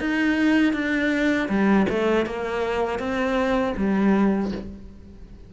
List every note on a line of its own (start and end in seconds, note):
0.00 0.73 D#4
0.73 1.48 D4
1.49 1.86 G3
1.89 2.26 A3
2.26 2.99 A#3
2.99 3.74 C4
3.77 4.52 G3